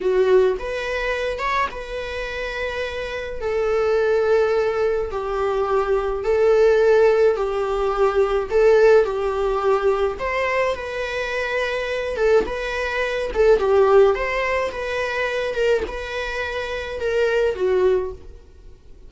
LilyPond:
\new Staff \with { instrumentName = "viola" } { \time 4/4 \tempo 4 = 106 fis'4 b'4. cis''8 b'4~ | b'2 a'2~ | a'4 g'2 a'4~ | a'4 g'2 a'4 |
g'2 c''4 b'4~ | b'4. a'8 b'4. a'8 | g'4 c''4 b'4. ais'8 | b'2 ais'4 fis'4 | }